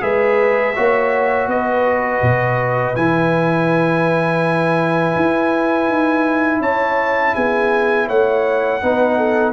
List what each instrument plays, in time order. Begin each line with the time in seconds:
0.00 tuba G#3, trombone G#4, horn B4, trumpet E5
0.75 tuba A#3, trombone F#4, horn C#5
1.47 tuba B3, horn B4, trumpet D#5
2.21 tuba B2
2.95 tuba E3, trombone E4, trumpet G#5
5.15 tuba E4
5.88 tuba D#4
6.60 tuba C#4, horn C#5, trumpet A5
7.34 tuba B3, horn G#4, trumpet G#5
8.07 tuba A3, horn C#5, trumpet F#5
8.81 tuba B3, trombone D#4, horn B4
9.17 horn A4